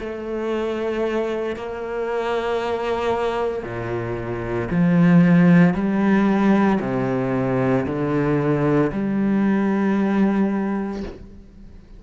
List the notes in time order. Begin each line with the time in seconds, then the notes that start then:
0.00 A3
1.56 A#3
3.64 A#2
4.71 F3
5.75 G3
6.81 C3
7.87 D3
8.93 G3